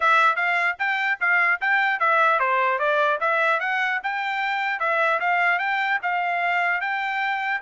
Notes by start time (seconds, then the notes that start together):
0.00 E5
0.35 F5
0.79 G5
1.20 F5
1.60 G5
1.99 E5
2.39 C5
2.78 D5
3.20 E5
3.59 F#5
4.03 G5
4.79 E5
5.19 F5
5.59 G5
6.02 F5
6.80 G5